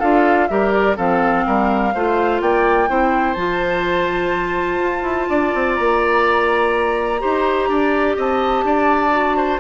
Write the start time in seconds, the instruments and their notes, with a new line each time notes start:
0.00 bassoon D4, clarinet F4, oboe A4, flute F5
0.48 bassoon G3, clarinet G4, oboe A#4, flute E5
0.73 flute D5
0.97 bassoon F3, clarinet C4, oboe A4, flute F5
1.47 bassoon G3, oboe A#4
1.95 bassoon A3, clarinet F4, oboe C5
2.42 bassoon A#3, oboe D5, flute G5
2.88 bassoon C4, clarinet E4, oboe C5
3.34 bassoon F3, clarinet F4, flute A5
4.79 bassoon F4
5.03 bassoon E4
5.30 bassoon D4, oboe D5
5.55 bassoon C4
5.75 bassoon A#3, flute A#5
7.20 bassoon D#4, clarinet G4, oboe C5
7.69 bassoon D4, oboe D5
8.17 bassoon C4, oboe D#5, flute A5
8.64 bassoon D4, oboe D5
9.11 clarinet F#4
9.37 oboe C5